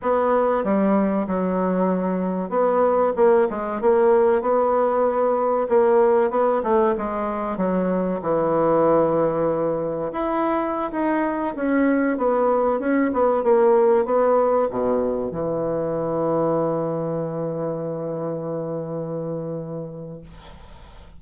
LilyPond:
\new Staff \with { instrumentName = "bassoon" } { \time 4/4 \tempo 4 = 95 b4 g4 fis2 | b4 ais8 gis8 ais4 b4~ | b4 ais4 b8 a8 gis4 | fis4 e2. |
e'4~ e'16 dis'4 cis'4 b8.~ | b16 cis'8 b8 ais4 b4 b,8.~ | b,16 e2.~ e8.~ | e1 | }